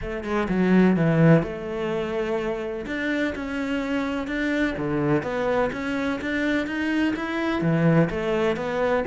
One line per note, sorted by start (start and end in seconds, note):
0.01 0.24 A3
0.24 0.47 G#3
0.48 0.96 F#3
0.96 1.42 E3
1.42 2.85 A3
2.86 3.34 D4
3.35 4.27 C#4
4.27 4.74 D4
4.77 5.22 D3
5.22 5.70 B3
5.72 6.19 C#4
6.21 6.66 D4
6.66 7.14 D#4
7.16 7.61 E4
7.61 8.09 E3
8.10 8.56 A3
8.56 9.04 B3